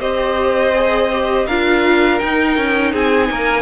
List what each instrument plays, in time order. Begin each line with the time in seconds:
0.00 cello C4, viola G4, violin C5 D#5
0.75 viola G#4
1.12 viola G4
1.47 cello D4, viola F4, violin A#4 F5
2.20 viola D#4, cello D#4, violin G5
2.57 cello C#4
2.92 cello C4, violin G#4 G#5
3.30 cello A#3, violin A#4